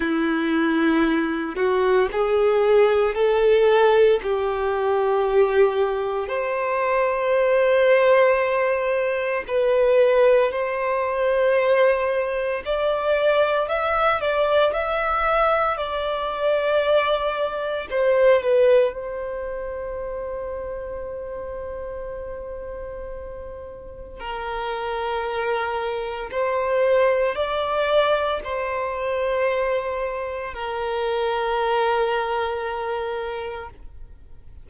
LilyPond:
\new Staff \with { instrumentName = "violin" } { \time 4/4 \tempo 4 = 57 e'4. fis'8 gis'4 a'4 | g'2 c''2~ | c''4 b'4 c''2 | d''4 e''8 d''8 e''4 d''4~ |
d''4 c''8 b'8 c''2~ | c''2. ais'4~ | ais'4 c''4 d''4 c''4~ | c''4 ais'2. | }